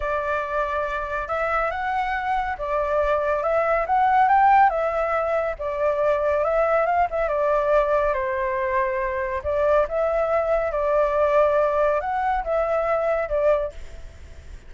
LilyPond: \new Staff \with { instrumentName = "flute" } { \time 4/4 \tempo 4 = 140 d''2. e''4 | fis''2 d''2 | e''4 fis''4 g''4 e''4~ | e''4 d''2 e''4 |
f''8 e''8 d''2 c''4~ | c''2 d''4 e''4~ | e''4 d''2. | fis''4 e''2 d''4 | }